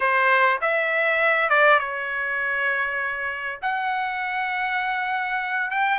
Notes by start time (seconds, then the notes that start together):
0.00 C5
0.61 E5
1.49 D5
1.79 C#5
3.62 F#5
5.70 G5